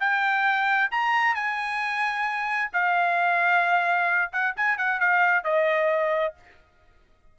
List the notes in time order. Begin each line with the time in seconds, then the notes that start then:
0.00 G5
0.91 A#5
1.35 G#5
2.73 F5
4.32 F#5
4.56 G#5
4.78 F#5
5.00 F5
5.44 D#5